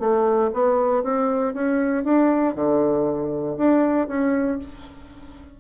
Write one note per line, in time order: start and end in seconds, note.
0.00 0.51 A3
0.53 1.04 B3
1.04 1.54 C4
1.54 2.05 C#4
2.05 2.55 D4
2.55 3.57 D3
3.58 4.08 D4
4.08 4.59 C#4